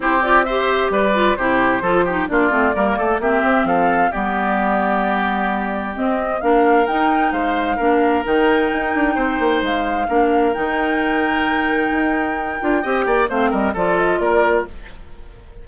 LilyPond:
<<
  \new Staff \with { instrumentName = "flute" } { \time 4/4 \tempo 4 = 131 c''8 d''8 e''4 d''4 c''4~ | c''4 d''2 e''4 | f''4 d''2.~ | d''4 dis''4 f''4 g''4 |
f''2 g''2~ | g''4 f''2 g''4~ | g''1~ | g''4 f''8 dis''8 d''8 dis''8 d''4 | }
  \new Staff \with { instrumentName = "oboe" } { \time 4/4 g'4 c''4 b'4 g'4 | a'8 g'8 f'4 ais'8 a'8 g'4 | a'4 g'2.~ | g'2 ais'2 |
c''4 ais'2. | c''2 ais'2~ | ais'1 | dis''8 d''8 c''8 ais'8 a'4 ais'4 | }
  \new Staff \with { instrumentName = "clarinet" } { \time 4/4 e'8 f'8 g'4. f'8 e'4 | f'8 dis'8 d'8 c'8 ais4 c'4~ | c'4 b2.~ | b4 c'4 d'4 dis'4~ |
dis'4 d'4 dis'2~ | dis'2 d'4 dis'4~ | dis'2.~ dis'8 f'8 | g'4 c'4 f'2 | }
  \new Staff \with { instrumentName = "bassoon" } { \time 4/4 c'2 g4 c4 | f4 ais8 a8 g8 a8 ais8 c'8 | f4 g2.~ | g4 c'4 ais4 dis'4 |
gis4 ais4 dis4 dis'8 d'8 | c'8 ais8 gis4 ais4 dis4~ | dis2 dis'4. d'8 | c'8 ais8 a8 g8 f4 ais4 | }
>>